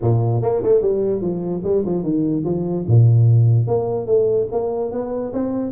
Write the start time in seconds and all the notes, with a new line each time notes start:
0.01 A#2
0.41 A#3
0.63 A3
0.81 G3
1.21 F3
1.63 G3
1.85 F3
2.03 D#3
2.44 F3
2.87 A#2
3.67 A#3
4.06 A3
4.51 A#3
4.91 B3
5.33 C4